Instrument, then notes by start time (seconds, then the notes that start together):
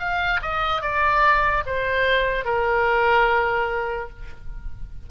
oboe
0.00 F5
0.43 D#5
0.82 D5
1.67 C5
2.45 A#4